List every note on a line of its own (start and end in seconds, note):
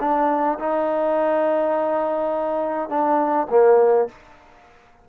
0.00 0.58 D4
0.59 2.89 D#4
2.89 3.47 D4
3.50 4.08 A#3